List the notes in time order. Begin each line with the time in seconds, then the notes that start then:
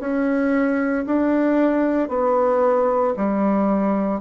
0.00 C#4
1.06 D4
2.09 B3
3.17 G3